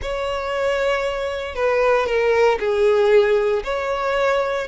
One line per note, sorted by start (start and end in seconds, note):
0.01 1.55 C#5
1.55 2.06 B4
2.06 2.58 A#4
2.59 3.63 G#4
3.63 4.67 C#5